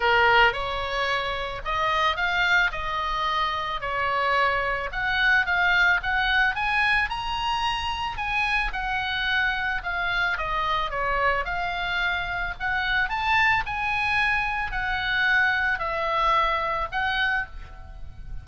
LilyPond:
\new Staff \with { instrumentName = "oboe" } { \time 4/4 \tempo 4 = 110 ais'4 cis''2 dis''4 | f''4 dis''2 cis''4~ | cis''4 fis''4 f''4 fis''4 | gis''4 ais''2 gis''4 |
fis''2 f''4 dis''4 | cis''4 f''2 fis''4 | a''4 gis''2 fis''4~ | fis''4 e''2 fis''4 | }